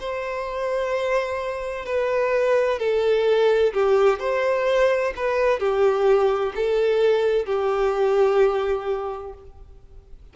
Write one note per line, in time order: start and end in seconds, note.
0.00 1.85 C5
1.85 2.79 B4
2.79 3.73 A4
3.73 4.20 G4
4.20 5.13 C5
5.16 5.60 B4
5.60 6.53 G4
6.55 7.46 A4
7.46 9.33 G4